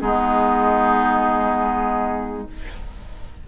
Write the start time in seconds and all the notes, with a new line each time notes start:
0.00 G#3 B3 D#4 G#4